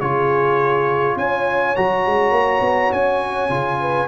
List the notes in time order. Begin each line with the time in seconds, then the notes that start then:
0.00 C#3 F4 G#4 C#5
1.17 C#4 C#5 G#5
1.76 F#3 F#4 A#5
2.07 G#3
2.32 A#3
2.61 B3
2.92 C#4 G#5
3.50 C#3 F4
3.81 B4